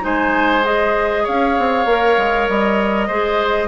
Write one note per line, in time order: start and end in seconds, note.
0.00 1.27 G#3
0.00 0.61 D#4
0.00 1.23 C5
0.00 0.64 G#5
0.64 1.86 G#4
0.64 1.26 D#5
1.23 1.58 C#4
1.23 3.07 C#5
1.23 2.48 F5
1.58 1.85 C4
1.85 2.15 A#3
1.85 3.09 A#4
2.17 2.48 G#3
2.48 3.09 G3
2.48 3.67 D#5
3.07 3.67 G#3
3.07 3.67 G#4
3.07 3.67 C5